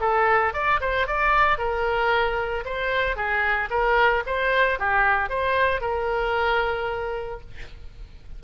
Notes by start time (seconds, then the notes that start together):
0.00 A4
0.53 D5
0.80 C5
1.07 D5
1.58 A#4
2.65 C5
3.16 G#4
3.70 A#4
4.26 C5
4.79 G4
5.29 C5
5.81 A#4